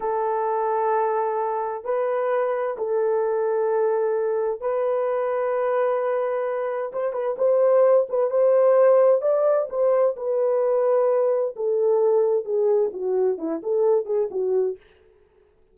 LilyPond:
\new Staff \with { instrumentName = "horn" } { \time 4/4 \tempo 4 = 130 a'1 | b'2 a'2~ | a'2 b'2~ | b'2. c''8 b'8 |
c''4. b'8 c''2 | d''4 c''4 b'2~ | b'4 a'2 gis'4 | fis'4 e'8 a'4 gis'8 fis'4 | }